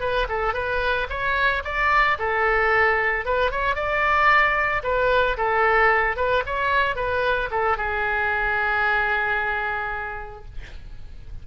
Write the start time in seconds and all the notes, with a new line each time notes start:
0.00 B4
0.29 A4
0.54 B4
1.09 C#5
1.64 D5
2.19 A4
3.25 B4
3.51 C#5
3.75 D5
4.83 B4
5.37 A4
6.16 B4
6.46 C#5
6.95 B4
7.51 A4
7.77 G#4